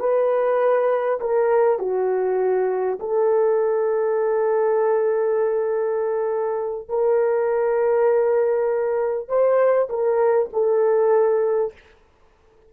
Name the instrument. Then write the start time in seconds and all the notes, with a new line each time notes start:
horn
0.00 B4
1.21 A#4
1.79 F#4
3.00 A4
6.89 A#4
9.29 C5
9.90 A#4
10.53 A4